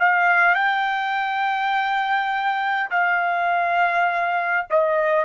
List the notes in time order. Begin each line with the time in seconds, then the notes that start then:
0.00 F5
0.55 G5
2.91 F5
4.71 D#5